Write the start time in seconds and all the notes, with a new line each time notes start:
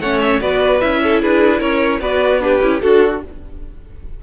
0.00 A3 C#4 C#5 F#5
0.21 E5
0.41 B3 F#4 B4 D5
0.81 C#4 E4 E5
1.03 A4
1.22 D4 G#4 B4
1.59 C#4 A#4 C#5
2.01 B3 F#4 B4 D5
2.41 D4 G4 B4
2.62 C#4 E4
2.81 D4 F#4 A4